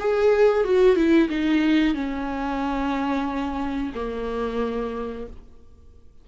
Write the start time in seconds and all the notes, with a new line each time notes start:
0.00 G#4
0.64 F#4
0.96 E4
1.29 D#4
1.95 C#4
3.95 A#3